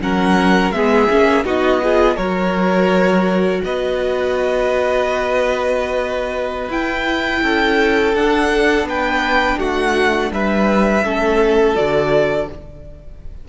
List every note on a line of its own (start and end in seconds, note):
0.00 0.71 F#3
0.00 0.73 C#4
0.00 0.75 A#4
0.00 0.71 F#5
0.71 1.07 G#3
0.71 1.09 B3
0.71 1.45 G#4
0.71 1.44 E5
1.10 1.44 A#3
1.10 1.44 C#4
1.44 2.17 B3
1.44 1.80 D#4
1.44 1.81 F#4
1.44 2.16 D#5
1.82 2.18 F4
1.82 2.16 G#4
2.16 3.62 F#3
2.16 6.70 F#4
2.16 3.61 A#4
2.16 3.61 C#5
3.64 6.69 B3
3.64 7.42 B4
3.64 6.71 D#5
6.69 7.41 E4
6.69 8.15 E4
6.69 8.15 G5
7.42 8.14 C#4
7.42 8.87 A4
8.14 8.83 D4
8.14 11.04 D4
8.14 8.87 F#5
8.83 9.55 B3
8.83 9.58 B4
8.89 9.59 G5
9.58 10.31 A3
9.58 10.31 F#4
9.58 10.31 F#5
10.31 11.03 G3
10.31 11.04 B4
10.31 11.76 E5
11.04 11.76 A3
11.04 11.75 C#4
11.04 12.48 A4
11.75 12.48 D3
11.75 12.47 F#4
11.75 12.48 D5